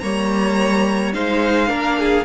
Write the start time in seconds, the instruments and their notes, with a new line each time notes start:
0.00 cello G3, viola A#3, violin C#5 A#5
1.14 cello G#3, viola D#4, violin C5 F5
1.68 cello A#3, viola D4, violin A#4
1.99 violin G#4